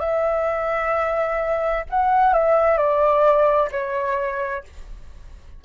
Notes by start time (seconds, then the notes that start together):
0.00 E5
1.90 F#5
2.34 E5
2.78 D5
3.72 C#5